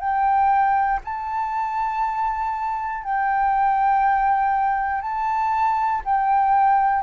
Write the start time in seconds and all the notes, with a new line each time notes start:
0.00 G5
1.04 A5
3.03 G5
5.01 A5
6.05 G5